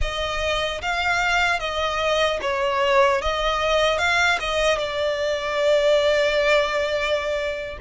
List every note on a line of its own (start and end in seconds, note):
0.01 0.81 D#5
0.81 1.59 F5
1.59 2.39 D#5
2.41 3.21 C#5
3.21 3.98 D#5
3.98 4.38 F5
4.39 4.77 D#5
4.77 7.77 D5